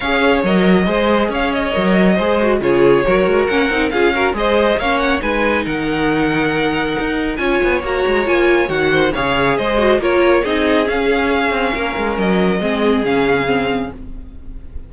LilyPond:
<<
  \new Staff \with { instrumentName = "violin" } { \time 4/4 \tempo 4 = 138 f''4 dis''2 f''8 dis''8~ | dis''2 cis''2 | fis''4 f''4 dis''4 f''8 fis''8 | gis''4 fis''2.~ |
fis''4 gis''4 ais''4 gis''4 | fis''4 f''4 dis''4 cis''4 | dis''4 f''2. | dis''2 f''2 | }
  \new Staff \with { instrumentName = "violin" } { \time 4/4 cis''2 c''4 cis''4~ | cis''4 c''4 gis'4 ais'4~ | ais'4 gis'8 ais'8 c''4 cis''4 | b'4 ais'2.~ |
ais'4 cis''2.~ | cis''8 c''8 cis''4 c''4 ais'4 | gis'2. ais'4~ | ais'4 gis'2. | }
  \new Staff \with { instrumentName = "viola" } { \time 4/4 gis'4 ais'4 gis'2 | ais'4 gis'8 fis'8 f'4 fis'4 | cis'8 dis'8 f'8 fis'8 gis'4 cis'4 | dis'1~ |
dis'4 f'4 fis'4 f'4 | fis'4 gis'4. fis'8 f'4 | dis'4 cis'2.~ | cis'4 c'4 cis'4 c'4 | }
  \new Staff \with { instrumentName = "cello" } { \time 4/4 cis'4 fis4 gis4 cis'4 | fis4 gis4 cis4 fis8 gis8 | ais8 c'8 cis'4 gis4 ais4 | gis4 dis2. |
dis'4 cis'8 b8 ais8 gis8 ais4 | dis4 cis4 gis4 ais4 | c'4 cis'4. c'8 ais8 gis8 | fis4 gis4 cis2 | }
>>